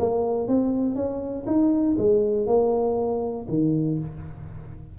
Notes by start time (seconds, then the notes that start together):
0.00 A#3
0.48 C4
0.96 C#4
1.47 D#4
1.98 G#3
2.47 A#3
3.49 D#3